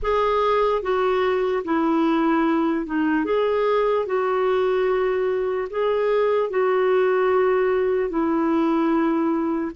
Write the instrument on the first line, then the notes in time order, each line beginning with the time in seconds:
clarinet
0.02 G#4
0.82 F#4
1.64 E4
2.86 D#4
3.24 G#4
4.05 F#4
5.70 G#4
6.49 F#4
8.09 E4